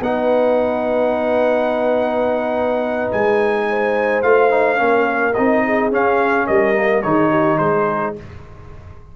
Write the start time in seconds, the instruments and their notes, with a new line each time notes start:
0.00 tuba B3, trombone D#4, horn B4, trumpet F#5
3.11 tuba G#3, trumpet G#5
3.69 horn C5
4.22 tuba A3, trombone F4, trumpet F5
4.50 trombone D#4
4.76 tuba A#3, trombone C#4, horn A#4
5.33 tuba C4, trombone D#4, trumpet D#5
5.65 horn G#4
5.91 trombone C#4, tuba C#4, trumpet F5
6.46 tuba G3, horn A#4, trumpet D#5
6.74 trombone A#3
7.02 tuba D#3, trombone D#4, horn G#4, trumpet C#5
7.30 horn G4
7.57 tuba G#3, horn G#4, trumpet C5